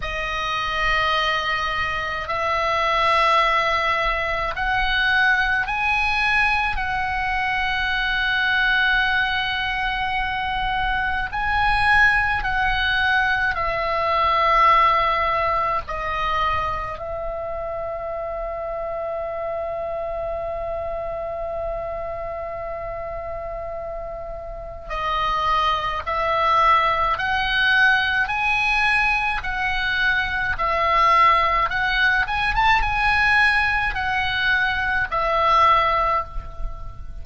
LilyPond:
\new Staff \with { instrumentName = "oboe" } { \time 4/4 \tempo 4 = 53 dis''2 e''2 | fis''4 gis''4 fis''2~ | fis''2 gis''4 fis''4 | e''2 dis''4 e''4~ |
e''1~ | e''2 dis''4 e''4 | fis''4 gis''4 fis''4 e''4 | fis''8 gis''16 a''16 gis''4 fis''4 e''4 | }